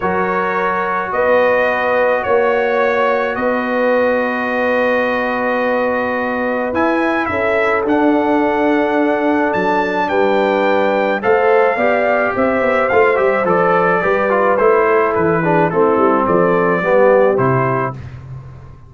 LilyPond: <<
  \new Staff \with { instrumentName = "trumpet" } { \time 4/4 \tempo 4 = 107 cis''2 dis''2 | cis''2 dis''2~ | dis''1 | gis''4 e''4 fis''2~ |
fis''4 a''4 g''2 | f''2 e''4 f''8 e''8 | d''2 c''4 b'4 | a'4 d''2 c''4 | }
  \new Staff \with { instrumentName = "horn" } { \time 4/4 ais'2 b'2 | cis''2 b'2~ | b'1~ | b'4 a'2.~ |
a'2 b'2 | c''4 d''4 c''2~ | c''4 b'4. a'4 gis'8 | e'4 a'4 g'2 | }
  \new Staff \with { instrumentName = "trombone" } { \time 4/4 fis'1~ | fis'1~ | fis'1 | e'2 d'2~ |
d'1 | a'4 g'2 f'8 g'8 | a'4 g'8 f'8 e'4. d'8 | c'2 b4 e'4 | }
  \new Staff \with { instrumentName = "tuba" } { \time 4/4 fis2 b2 | ais2 b2~ | b1 | e'4 cis'4 d'2~ |
d'4 fis4 g2 | a4 b4 c'8 b8 a8 g8 | f4 g4 a4 e4 | a8 g8 f4 g4 c4 | }
>>